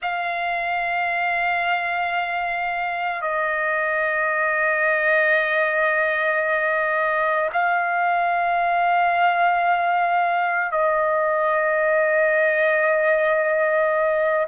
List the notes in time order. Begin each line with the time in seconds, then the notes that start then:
0.01 F5
3.21 D#5
7.52 F5
10.71 D#5